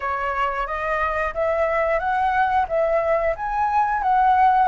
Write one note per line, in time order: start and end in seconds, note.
0.00 0.67 C#5
0.67 1.33 D#5
1.34 1.99 E5
1.99 2.65 F#5
2.68 3.35 E5
3.35 4.02 G#5
4.02 4.68 F#5